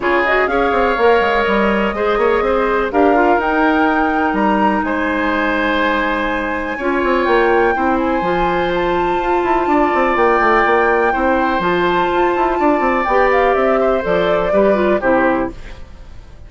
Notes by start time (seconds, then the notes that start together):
0.00 C#3 F4 G#4 C#5
0.25 F#4 D#5
0.47 C#4 G#4 C#5 F5
0.71 C4
0.97 A#3 A#4
1.20 G#3
1.42 G3 D#5
1.93 G#3 G#4 C5
2.17 A#3 C#5
2.41 C4 C5
2.92 D4 G4 A#4 F5
3.15 F4
3.37 D#4 G5
4.33 G3 A#5
4.83 G#3 C5 G#5
6.77 C#4 F4 C#5
7.03 C4
7.24 A#3 G5
7.74 C4 E4 C5
7.99 G#5
8.21 F3 F4
8.74 A5
9.17 F4
9.43 E4
9.66 D4 D5
9.94 C4
10.16 A#3 G5
10.39 A3
10.65 A#3
11.12 C4 E4 C5
11.59 F3 F4 A5
12.13 F4
12.36 E4
12.59 D4 D5
12.80 C4
13.04 B3 G4 G5
13.31 F5
13.53 C4 E5
13.80 C5
14.01 F3 A4 D5
14.52 G3 G4 B4
14.74 F4
15.00 C3 E4 G4 C5